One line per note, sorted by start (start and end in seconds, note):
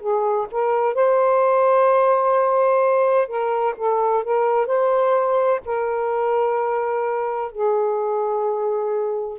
0.00 0.47 G#4
0.51 0.94 A#4
0.94 3.27 C5
3.27 3.74 A#4
3.76 4.23 A4
4.24 4.66 A#4
4.66 5.60 C5
5.65 7.51 A#4
7.51 9.38 G#4